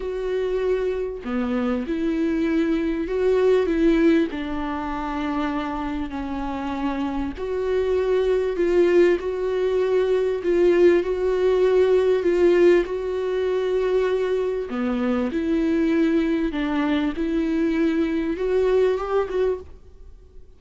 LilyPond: \new Staff \with { instrumentName = "viola" } { \time 4/4 \tempo 4 = 98 fis'2 b4 e'4~ | e'4 fis'4 e'4 d'4~ | d'2 cis'2 | fis'2 f'4 fis'4~ |
fis'4 f'4 fis'2 | f'4 fis'2. | b4 e'2 d'4 | e'2 fis'4 g'8 fis'8 | }